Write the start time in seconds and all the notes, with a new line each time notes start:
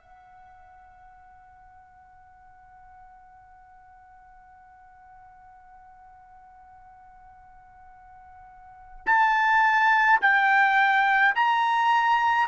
0.00 F#5
9.07 A5
10.21 G5
11.35 A#5